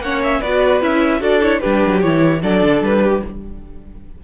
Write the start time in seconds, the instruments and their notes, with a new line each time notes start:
0.00 cello A#3, viola C#4, violin C#5 F#5
0.24 violin E5
0.40 cello B3, viola F#4, violin B4 D5
0.82 cello C#4, viola E4, violin E5
1.20 cello D4, viola F#4, violin A4 D5
1.42 viola E4, violin C#5
1.61 cello G3, viola D4, violin G4 B4
1.87 cello F#3
2.01 cello E3, viola E4, violin C#5
2.43 cello F#3, viola D4, violin A4 D5
2.62 cello D3
2.82 cello G3, violin B4
3.03 violin G4